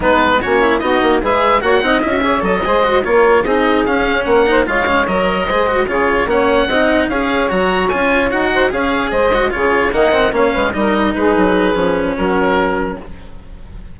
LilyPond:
<<
  \new Staff \with { instrumentName = "oboe" } { \time 4/4 \tempo 4 = 148 b'4 cis''4 dis''4 e''4 | fis''4 e''4 dis''4. cis''8~ | cis''8 dis''4 f''4 fis''4 f''8~ | f''8 dis''2 cis''4 fis''8~ |
fis''4. f''4 ais''4 gis''8~ | gis''8 fis''4 f''4 dis''4 cis''8~ | cis''8 fis''4 f''4 dis''4 b'8~ | b'2 ais'2 | }
  \new Staff \with { instrumentName = "saxophone" } { \time 4/4 dis'4 cis'4 fis'4 b'4 | cis''8 dis''4 cis''4 c''4 ais'8~ | ais'8 gis'2 ais'8 c''8 cis''8~ | cis''4. c''4 gis'4 cis''8~ |
cis''8 dis''4 cis''2~ cis''8~ | cis''4 c''8 cis''4 c''4 gis'8~ | gis'8 dis''4 cis''8 b'8 ais'4 gis'8~ | gis'2 fis'2 | }
  \new Staff \with { instrumentName = "cello" } { \time 4/4 b4 fis'8 e'8 dis'4 gis'4 | fis'8 dis'8 e'16 fis'16 gis'8 a'8 gis'8 fis'8 f'8~ | f'8 dis'4 cis'4. dis'8 f'8 | cis'8 ais'4 gis'8 fis'8 f'4 cis'8~ |
cis'8 dis'4 gis'4 fis'4 f'8~ | f'8 fis'4 gis'4. fis'8 f'8~ | f'8 ais8 c'8 cis'4 dis'4.~ | dis'4 cis'2. | }
  \new Staff \with { instrumentName = "bassoon" } { \time 4/4 gis4 ais4 b8 ais8 gis4 | ais8 c'8 cis'4 fis8 gis4 ais8~ | ais8 c'4 cis'4 ais4 gis8~ | gis8 fis4 gis4 cis4 ais8~ |
ais8 c'4 cis'4 fis4 cis'8~ | cis'8 dis'4 cis'4 gis4 cis8~ | cis8 dis4 ais8 gis8 g4 gis8 | fis4 f4 fis2 | }
>>